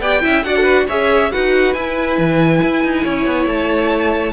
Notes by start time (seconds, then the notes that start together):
0.00 B3 G4 D5 G5
0.21 C#4 E4 E5
0.44 D4 F#4 D5 F#5
0.56 A4
0.63 B4
0.88 C#4 G#4 C#5 E5
1.32 D#4 F#4 B4 F#5
1.74 E4 G#5
2.18 E3
2.63 E4
2.84 D#4
3.04 C#4 C#5
3.26 B3
3.46 A3 A5